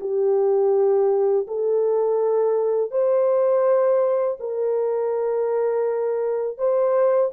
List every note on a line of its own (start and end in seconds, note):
0.00 1.46 G4
1.47 2.91 A4
2.91 4.37 C5
4.39 6.58 A#4
6.58 7.31 C5